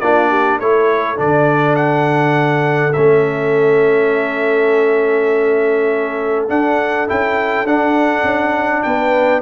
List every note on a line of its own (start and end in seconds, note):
0.00 0.59 A#3
0.00 0.61 D4
0.00 0.29 F4
0.00 0.59 D5
0.29 0.59 G4
0.59 1.18 A3
0.59 1.16 E4
0.59 8.84 A4
0.59 1.19 C#5
1.16 2.95 D3
1.16 2.93 D4
1.16 1.76 D5
1.76 2.93 F#5
2.93 6.49 A3
2.93 6.48 C#4
2.93 6.46 E5
6.48 7.07 D4
6.48 7.08 D4
6.48 7.08 F#5
7.07 7.64 C#4
7.07 7.66 E4
7.07 7.67 G5
7.64 8.22 D4
7.64 9.42 D4
7.64 8.83 F#5
8.23 8.82 C#4
8.83 9.42 B3
8.83 9.42 B4
8.83 9.42 G5